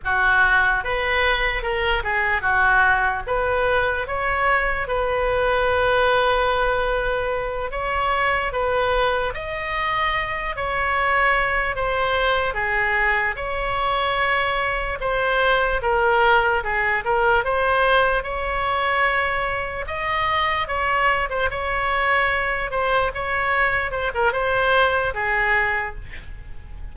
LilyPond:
\new Staff \with { instrumentName = "oboe" } { \time 4/4 \tempo 4 = 74 fis'4 b'4 ais'8 gis'8 fis'4 | b'4 cis''4 b'2~ | b'4. cis''4 b'4 dis''8~ | dis''4 cis''4. c''4 gis'8~ |
gis'8 cis''2 c''4 ais'8~ | ais'8 gis'8 ais'8 c''4 cis''4.~ | cis''8 dis''4 cis''8. c''16 cis''4. | c''8 cis''4 c''16 ais'16 c''4 gis'4 | }